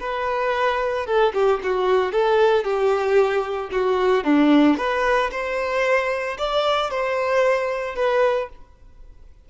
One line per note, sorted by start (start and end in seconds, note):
0.00 1.06 B4
1.06 1.33 A4
1.33 1.60 G4
1.63 2.12 F#4
2.12 2.64 A4
2.64 3.70 G4
3.72 4.24 F#4
4.24 4.77 D4
4.77 5.30 B4
5.31 6.37 C5
6.38 6.91 D5
6.91 7.96 C5
7.96 8.49 B4